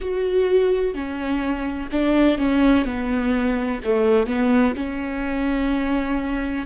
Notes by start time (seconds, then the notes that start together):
0.00 F#4
0.94 C#4
1.91 D4
2.38 C#4
2.85 B3
3.84 A3
4.26 B3
4.76 C#4